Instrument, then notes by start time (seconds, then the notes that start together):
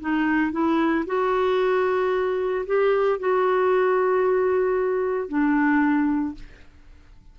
clarinet
0.00 D#4
0.52 E4
1.06 F#4
2.66 G4
3.19 F#4
5.28 D4